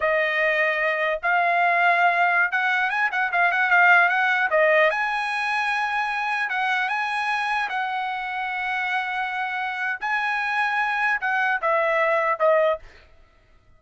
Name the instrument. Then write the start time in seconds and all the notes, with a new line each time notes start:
trumpet
0.00 D#5
1.22 F5
2.51 F#5
2.90 G#5
3.11 F#5
3.31 F5
3.51 F#5
3.70 F5
4.08 F#5
4.50 D#5
4.90 G#5
6.49 F#5
6.89 G#5
7.69 F#5
10.00 G#5
11.20 F#5
11.61 E5
12.39 D#5